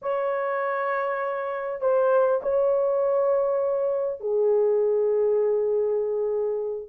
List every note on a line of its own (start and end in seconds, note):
0.02 1.80 C#5
1.80 2.40 C5
2.42 4.20 C#5
4.20 6.89 G#4